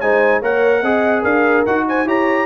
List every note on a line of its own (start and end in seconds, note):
0.00 0.41 G#3
0.00 0.43 D#4
0.00 0.40 C5
0.00 0.41 G#5
0.40 0.82 A#3
0.40 0.84 A#4
0.40 0.81 C#5
0.40 1.24 F#5
0.82 1.23 C4
0.82 1.66 G#4
0.82 1.22 D#5
1.22 1.65 D4
1.22 1.83 A#4
1.22 1.65 F5
1.65 2.05 D#4
1.65 2.06 F#4
1.65 1.86 F#5
1.88 2.07 C5
1.88 2.08 G#5
2.05 2.46 E4
2.05 2.46 G4
2.05 2.46 C#5
2.05 2.46 A#5